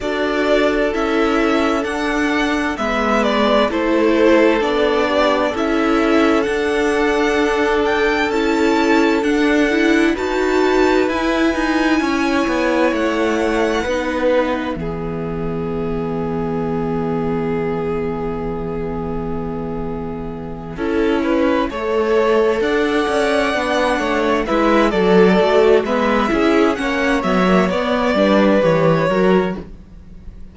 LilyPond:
<<
  \new Staff \with { instrumentName = "violin" } { \time 4/4 \tempo 4 = 65 d''4 e''4 fis''4 e''8 d''8 | c''4 d''4 e''4 fis''4~ | fis''8 g''8 a''4 fis''4 a''4 | gis''2 fis''4. e''8~ |
e''1~ | e''1~ | e''8 fis''2 e''8 d''4 | e''4 fis''8 e''8 d''4 cis''4 | }
  \new Staff \with { instrumentName = "violin" } { \time 4/4 a'2. b'4 | a'4. g'8 a'2~ | a'2. b'4~ | b'4 cis''2 b'4 |
gis'1~ | gis'2~ gis'8 a'8 b'8 cis''8~ | cis''8 d''4. cis''8 b'8 a'4 | b'8 gis'8 cis''4. b'4 ais'8 | }
  \new Staff \with { instrumentName = "viola" } { \time 4/4 fis'4 e'4 d'4 b4 | e'4 d'4 e'4 d'4~ | d'4 e'4 d'8 e'8 fis'4 | e'2. dis'4 |
b1~ | b2~ b8 e'4 a'8~ | a'4. d'4 e'8 a'8 fis'8 | b8 e'8 cis'8 b16 ais16 b8 d'8 g'8 fis'8 | }
  \new Staff \with { instrumentName = "cello" } { \time 4/4 d'4 cis'4 d'4 gis4 | a4 b4 cis'4 d'4~ | d'4 cis'4 d'4 dis'4 | e'8 dis'8 cis'8 b8 a4 b4 |
e1~ | e2~ e8 cis'4 a8~ | a8 d'8 cis'8 b8 a8 gis8 fis8 a8 | gis8 cis'8 ais8 fis8 b8 g8 e8 fis8 | }
>>